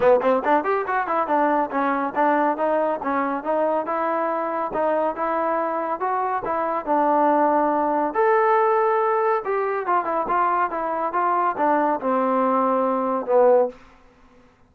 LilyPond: \new Staff \with { instrumentName = "trombone" } { \time 4/4 \tempo 4 = 140 b8 c'8 d'8 g'8 fis'8 e'8 d'4 | cis'4 d'4 dis'4 cis'4 | dis'4 e'2 dis'4 | e'2 fis'4 e'4 |
d'2. a'4~ | a'2 g'4 f'8 e'8 | f'4 e'4 f'4 d'4 | c'2. b4 | }